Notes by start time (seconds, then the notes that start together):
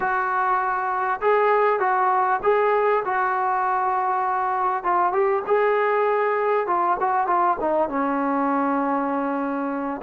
0.00 F#4
1.20 G#4
1.79 F#4
2.42 G#4
3.04 F#4
4.83 F4
5.12 G4
5.46 G#4
6.66 F4
6.99 F#4
7.26 F4
7.60 D#4
7.88 C#4